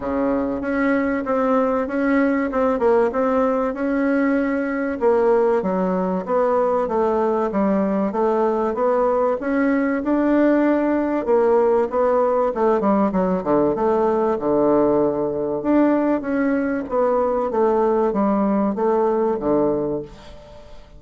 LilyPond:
\new Staff \with { instrumentName = "bassoon" } { \time 4/4 \tempo 4 = 96 cis4 cis'4 c'4 cis'4 | c'8 ais8 c'4 cis'2 | ais4 fis4 b4 a4 | g4 a4 b4 cis'4 |
d'2 ais4 b4 | a8 g8 fis8 d8 a4 d4~ | d4 d'4 cis'4 b4 | a4 g4 a4 d4 | }